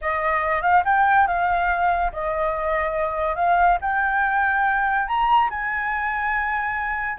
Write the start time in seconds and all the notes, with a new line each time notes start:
0.01 D#5
0.62 F5
0.85 G5
1.27 F5
2.12 D#5
3.35 F5
3.81 G5
5.07 A#5
5.49 G#5